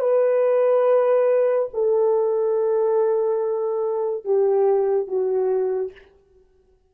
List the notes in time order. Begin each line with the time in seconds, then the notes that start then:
0.00 B4
1.74 A4
4.25 G4
5.07 F#4